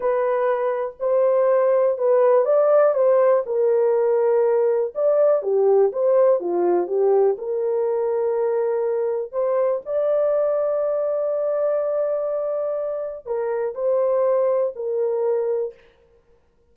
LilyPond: \new Staff \with { instrumentName = "horn" } { \time 4/4 \tempo 4 = 122 b'2 c''2 | b'4 d''4 c''4 ais'4~ | ais'2 d''4 g'4 | c''4 f'4 g'4 ais'4~ |
ais'2. c''4 | d''1~ | d''2. ais'4 | c''2 ais'2 | }